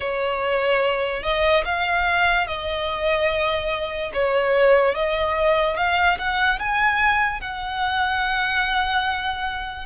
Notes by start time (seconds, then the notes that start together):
0.00 C#5
1.23 D#5
1.64 F5
2.47 D#5
4.13 C#5
4.94 D#5
5.76 F5
6.18 F#5
6.59 G#5
7.40 F#5